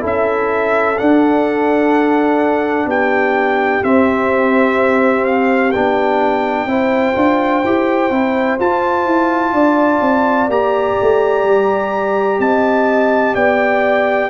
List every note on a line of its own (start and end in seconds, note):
0.00 0.98 C#4
0.00 0.95 E4
0.00 2.87 A4
0.07 0.98 E5
0.98 3.83 D4
0.98 2.86 D4
0.98 2.89 F#5
2.86 3.81 B3
2.86 6.69 G4
2.86 3.84 G5
3.83 5.73 C4
3.83 5.74 C4
3.83 5.25 E5
5.25 5.72 F5
5.72 6.66 B3
5.72 6.68 D4
5.72 8.58 G5
6.66 7.13 C4
6.66 7.15 E4
6.66 9.54 C5
7.15 7.64 D4
7.15 7.63 F4
7.64 8.11 E4
7.64 8.12 G4
8.11 8.58 C4
8.11 8.59 E4
8.60 9.06 F4
8.60 10.50 F4
8.60 10.51 A5
9.06 9.53 E4
9.53 10.01 D4
9.53 12.39 D5
10.01 10.49 C4
10.49 10.96 A#3
10.49 14.30 G4
10.49 12.41 A#5
11.01 11.44 A3
11.44 12.39 G3
12.39 13.35 C4
12.39 13.35 D#5
12.39 13.35 A5
13.35 14.30 B3
13.35 14.30 D5
13.35 14.30 G5